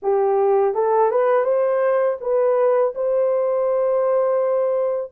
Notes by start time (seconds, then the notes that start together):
0.02 G4
0.74 A4
1.10 B4
1.44 C5
2.20 B4
2.95 C5